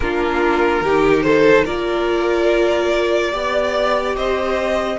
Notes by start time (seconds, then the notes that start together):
0.00 A#3 D4 F4 A#4
0.81 D#3 D#4 G4
1.22 A4 C5
1.64 A#3 F4 A#4 D5
3.31 B3 G4 D5
4.15 C4 C5 D#5